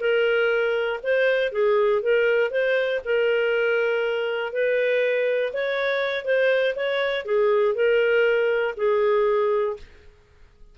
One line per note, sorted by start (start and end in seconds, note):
0.00 1.00 A#4
1.03 1.52 C5
1.52 2.02 G#4
2.02 2.51 A#4
2.51 3.01 C5
3.05 4.53 A#4
4.53 5.53 B4
5.53 6.25 C#5
6.25 6.75 C5
6.76 7.25 C#5
7.25 7.75 G#4
7.75 8.75 A#4
8.77 9.77 G#4